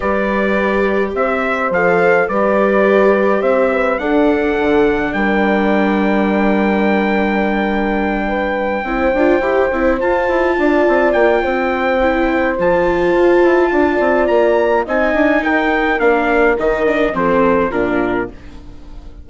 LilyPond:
<<
  \new Staff \with { instrumentName = "trumpet" } { \time 4/4 \tempo 4 = 105 d''2 e''4 f''4 | d''2 e''4 fis''4~ | fis''4 g''2.~ | g''1~ |
g''4. a''2 g''8~ | g''2 a''2~ | a''4 ais''4 gis''4 g''4 | f''4 dis''4 c''4 ais'4 | }
  \new Staff \with { instrumentName = "horn" } { \time 4/4 b'2 c''2 | b'2 c''8 b'8 a'4~ | a'4 ais'2.~ | ais'2~ ais'8 b'4 c''8~ |
c''2~ c''8 d''4. | c''1 | d''2 dis''4 ais'4~ | ais'2 a'4 f'4 | }
  \new Staff \with { instrumentName = "viola" } { \time 4/4 g'2. a'4 | g'2. d'4~ | d'1~ | d'2.~ d'8 e'8 |
f'8 g'8 e'8 f'2~ f'8~ | f'4 e'4 f'2~ | f'2 dis'2 | d'4 dis'8 d'8 c'4 d'4 | }
  \new Staff \with { instrumentName = "bassoon" } { \time 4/4 g2 c'4 f4 | g2 c'4 d'4 | d4 g2.~ | g2.~ g8 c'8 |
d'8 e'8 c'8 f'8 e'8 d'8 c'8 ais8 | c'2 f4 f'8 e'8 | d'8 c'8 ais4 c'8 d'8 dis'4 | ais4 dis4 f4 ais,4 | }
>>